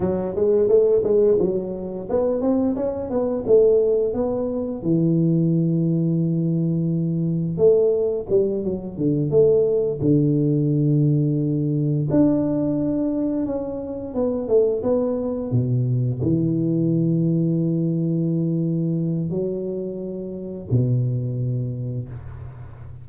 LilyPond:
\new Staff \with { instrumentName = "tuba" } { \time 4/4 \tempo 4 = 87 fis8 gis8 a8 gis8 fis4 b8 c'8 | cis'8 b8 a4 b4 e4~ | e2. a4 | g8 fis8 d8 a4 d4.~ |
d4. d'2 cis'8~ | cis'8 b8 a8 b4 b,4 e8~ | e1 | fis2 b,2 | }